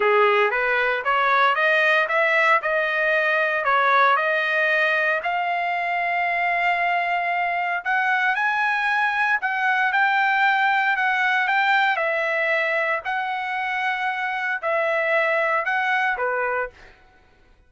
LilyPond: \new Staff \with { instrumentName = "trumpet" } { \time 4/4 \tempo 4 = 115 gis'4 b'4 cis''4 dis''4 | e''4 dis''2 cis''4 | dis''2 f''2~ | f''2. fis''4 |
gis''2 fis''4 g''4~ | g''4 fis''4 g''4 e''4~ | e''4 fis''2. | e''2 fis''4 b'4 | }